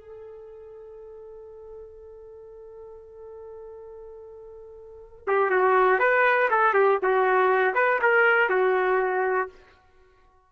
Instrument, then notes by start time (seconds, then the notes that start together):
trumpet
0.00 A4
5.27 G4
5.50 F#4
5.99 B4
6.50 A4
6.74 G4
7.02 F#4
7.75 B4
8.02 A#4
8.49 F#4